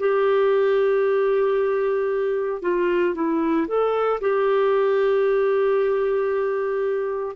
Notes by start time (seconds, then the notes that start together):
0.00 G4
2.62 F4
3.15 E4
3.68 A4
4.21 G4